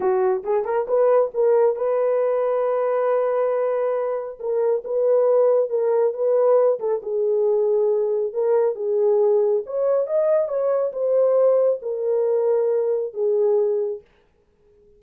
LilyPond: \new Staff \with { instrumentName = "horn" } { \time 4/4 \tempo 4 = 137 fis'4 gis'8 ais'8 b'4 ais'4 | b'1~ | b'2 ais'4 b'4~ | b'4 ais'4 b'4. a'8 |
gis'2. ais'4 | gis'2 cis''4 dis''4 | cis''4 c''2 ais'4~ | ais'2 gis'2 | }